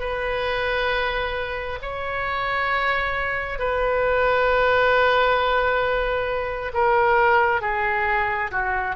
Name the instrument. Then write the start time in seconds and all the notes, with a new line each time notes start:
oboe
0.00 B4
1.82 C#5
3.59 B4
6.74 A#4
7.61 G#4
8.51 F#4